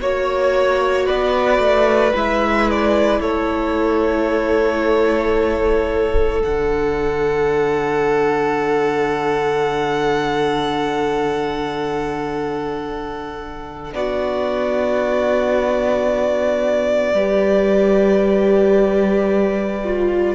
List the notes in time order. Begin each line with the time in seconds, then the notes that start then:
0.00 A#3 F#4 C#5
1.06 B3 B4 D5
1.58 A3
2.13 G#3 E4 E5
2.70 D5
3.21 A3 A4 C#5
6.41 D3 D4 F#5
13.94 B3 F#4 D5
17.13 G3 G4 B4
19.84 F4